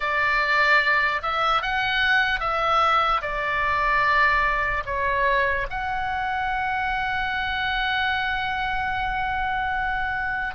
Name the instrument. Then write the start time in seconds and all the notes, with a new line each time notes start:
oboe
0.00 D5
1.22 E5
1.62 F#5
2.40 E5
3.21 D5
4.85 C#5
5.70 F#5